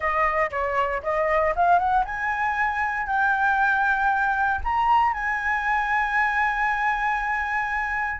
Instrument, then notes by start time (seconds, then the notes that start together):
flute
0.00 D#5
0.50 C#5
1.03 D#5
1.55 F5
1.78 F#5
2.04 G#5
3.07 G5
4.64 A#5
5.13 G#5